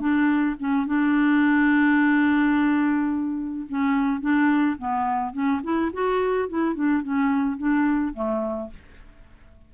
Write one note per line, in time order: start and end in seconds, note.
0.00 0.56 D4
0.59 0.87 C#4
0.87 3.67 D4
3.69 4.21 C#4
4.21 4.77 D4
4.78 5.33 B3
5.33 5.61 C#4
5.64 5.92 E4
5.93 6.49 F#4
6.49 6.75 E4
6.75 7.03 D4
7.03 7.58 C#4
7.58 8.14 D4
8.14 8.70 A3